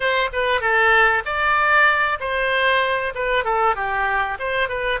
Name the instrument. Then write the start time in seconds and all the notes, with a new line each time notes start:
oboe
0.00 C5
0.33 B4
0.60 A4
1.25 D5
2.19 C5
3.14 B4
3.44 A4
3.75 G4
4.39 C5
4.68 B4